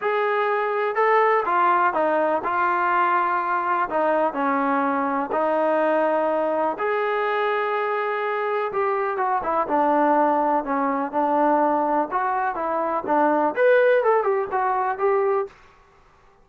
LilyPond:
\new Staff \with { instrumentName = "trombone" } { \time 4/4 \tempo 4 = 124 gis'2 a'4 f'4 | dis'4 f'2. | dis'4 cis'2 dis'4~ | dis'2 gis'2~ |
gis'2 g'4 fis'8 e'8 | d'2 cis'4 d'4~ | d'4 fis'4 e'4 d'4 | b'4 a'8 g'8 fis'4 g'4 | }